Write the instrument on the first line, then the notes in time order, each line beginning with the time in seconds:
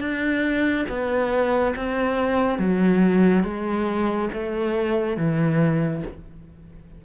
cello
0.00 D4
0.89 B3
1.76 C4
2.59 F#3
3.44 G#3
4.33 A3
5.17 E3